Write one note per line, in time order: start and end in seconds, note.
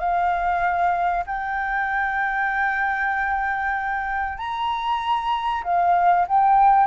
0.00 1.25 F5
1.27 4.39 G5
4.39 5.64 A#5
5.64 6.27 F5
6.28 6.87 G5